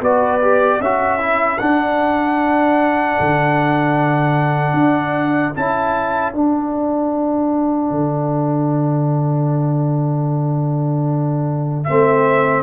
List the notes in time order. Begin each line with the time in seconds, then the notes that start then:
0.00 B3 F#4 B4 D5
0.41 G4
0.80 C#4 F#4 A4 E5
1.19 E4
1.58 D4 F#5
3.20 D3
4.73 D4
5.55 C#4 E4 A5
6.33 D4 F#5
7.90 D3
11.84 A3 C4 E5